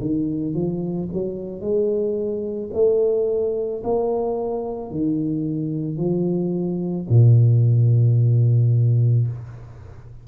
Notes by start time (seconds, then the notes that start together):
0.00 D#3
0.54 F3
1.13 F#3
1.61 G#3
2.73 A3
3.83 A#3
4.91 D#3
5.97 F3
7.09 A#2